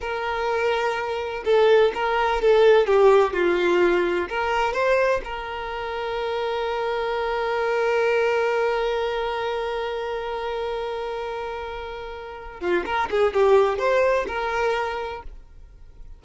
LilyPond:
\new Staff \with { instrumentName = "violin" } { \time 4/4 \tempo 4 = 126 ais'2. a'4 | ais'4 a'4 g'4 f'4~ | f'4 ais'4 c''4 ais'4~ | ais'1~ |
ais'1~ | ais'1~ | ais'2~ ais'8 f'8 ais'8 gis'8 | g'4 c''4 ais'2 | }